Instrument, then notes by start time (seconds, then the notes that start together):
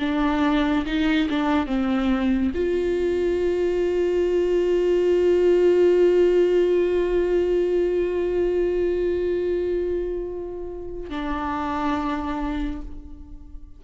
viola
0.00 D4
0.86 D#4
1.30 D4
1.67 C4
2.55 F4
11.10 D4